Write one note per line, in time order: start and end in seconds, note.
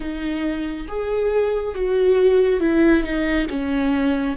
0.00 0.86 D#4
0.87 1.74 G#4
1.74 2.59 F#4
2.59 3.03 E4
3.03 3.46 D#4
3.49 4.36 C#4